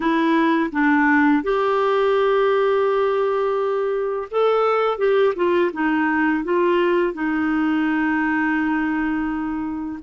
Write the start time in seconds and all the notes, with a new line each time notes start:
0.00 E4
0.71 D4
1.43 G4
4.31 A4
4.98 G4
5.35 F4
5.72 D#4
6.44 F4
7.13 D#4